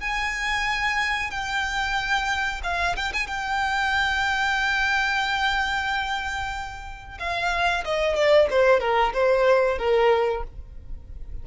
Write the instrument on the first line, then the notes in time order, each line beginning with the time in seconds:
violin
0.00 G#5
1.30 G5
2.63 F5
2.96 G5
3.13 G#5
3.27 G5
7.19 F5
7.84 D#5
8.15 D5
8.50 C5
8.80 A#4
9.13 C5
9.78 A#4